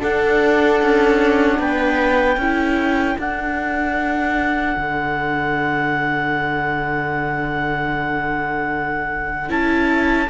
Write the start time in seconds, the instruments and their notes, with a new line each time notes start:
0.00 viola D4 A4, cello D4, clarinet F#5
0.82 cello C#4
1.59 cello B3, viola B4, clarinet G5
2.37 cello C#4, viola E4 A4
3.18 cello D4, viola D4, clarinet F#5
4.77 cello D3
9.49 cello C#4, viola E4, clarinet A5